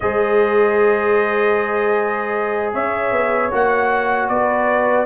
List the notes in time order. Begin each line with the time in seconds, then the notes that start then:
0.00 G#3 G#4 C5 D#5
2.73 C#4 C#5 E5
3.11 B3
3.51 A#3 F#4 F#5
4.28 B3 B4 D5